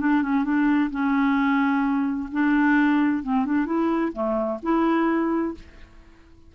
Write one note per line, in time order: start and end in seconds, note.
0.00 0.22 D4
0.22 0.44 C#4
0.44 0.90 D4
0.91 2.30 C#4
2.32 3.23 D4
3.23 3.46 C4
3.46 3.66 D4
3.66 4.12 E4
4.13 4.59 A3
4.63 5.55 E4